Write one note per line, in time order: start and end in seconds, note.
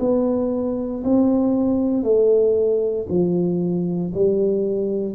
0.00 1.03 B3
1.04 2.04 C4
2.04 3.07 A3
3.09 4.13 F3
4.15 5.16 G3